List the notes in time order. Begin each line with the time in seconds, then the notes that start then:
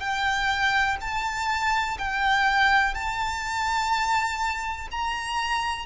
0.00 G5
1.01 A5
1.98 G5
2.94 A5
4.91 A#5